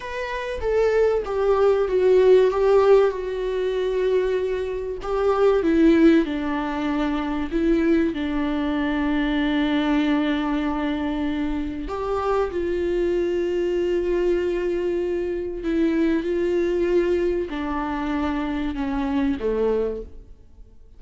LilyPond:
\new Staff \with { instrumentName = "viola" } { \time 4/4 \tempo 4 = 96 b'4 a'4 g'4 fis'4 | g'4 fis'2. | g'4 e'4 d'2 | e'4 d'2.~ |
d'2. g'4 | f'1~ | f'4 e'4 f'2 | d'2 cis'4 a4 | }